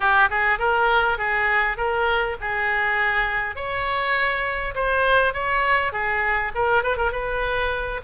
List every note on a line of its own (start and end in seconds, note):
0.00 0.29 G4
0.30 0.58 G#4
0.58 1.17 A#4
1.17 1.77 G#4
1.77 2.36 A#4
2.41 3.55 G#4
3.55 4.74 C#5
4.74 5.33 C5
5.33 5.92 C#5
5.92 6.52 G#4
6.54 6.83 A#4
6.83 6.96 B4
6.96 7.11 A#4
7.11 8.00 B4